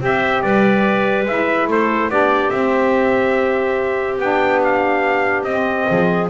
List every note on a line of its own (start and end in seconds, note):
0.00 0.42 C4
0.00 1.26 G4
0.00 0.42 C5
0.00 0.42 E5
0.42 1.25 G3
0.42 1.69 B4
0.42 1.26 D5
1.25 1.67 G#3
1.25 2.10 E4
1.25 1.69 E5
1.67 2.09 A3
1.67 2.10 A4
1.67 2.10 C5
2.09 2.51 B3
2.09 2.51 D4
2.09 5.89 G4
2.09 2.50 D5
2.50 4.19 C4
2.50 4.18 C4
2.50 4.18 E5
4.18 5.43 B3
4.18 5.46 D4
4.18 4.62 G5
4.63 5.44 F5
5.43 5.85 C4
5.43 6.27 D#5
5.49 6.29 C4
5.89 6.29 F3
5.89 6.29 G#4